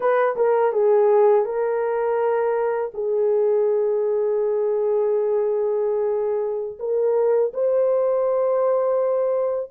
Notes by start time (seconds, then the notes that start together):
0.00 B4
0.36 A#4
0.72 G#4
1.45 A#4
2.94 G#4
6.79 A#4
7.53 C5